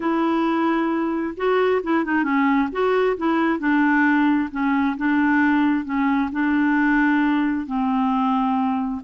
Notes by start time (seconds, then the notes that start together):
0.00 E4
1.37 F#4
1.83 E4
2.04 D#4
2.23 C#4
2.71 F#4
3.17 E4
3.59 D4
4.51 C#4
4.97 D4
5.84 C#4
6.32 D4
7.66 C4